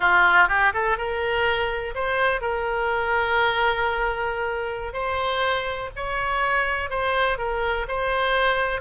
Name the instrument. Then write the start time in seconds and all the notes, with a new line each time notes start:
oboe
0.00 F4
0.48 G4
0.73 A4
0.97 A#4
1.95 C5
2.41 A#4
4.93 C5
5.96 C#5
6.90 C5
7.37 A#4
7.88 C5